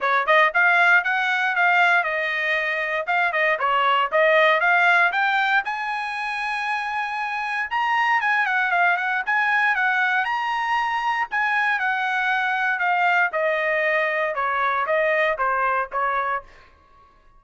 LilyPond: \new Staff \with { instrumentName = "trumpet" } { \time 4/4 \tempo 4 = 117 cis''8 dis''8 f''4 fis''4 f''4 | dis''2 f''8 dis''8 cis''4 | dis''4 f''4 g''4 gis''4~ | gis''2. ais''4 |
gis''8 fis''8 f''8 fis''8 gis''4 fis''4 | ais''2 gis''4 fis''4~ | fis''4 f''4 dis''2 | cis''4 dis''4 c''4 cis''4 | }